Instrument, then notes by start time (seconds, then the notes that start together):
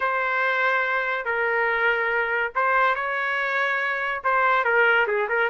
trumpet
0.00 C5
1.25 A#4
2.55 C5
2.95 C#5
4.24 C5
4.64 A#4
5.07 G#4
5.28 A#4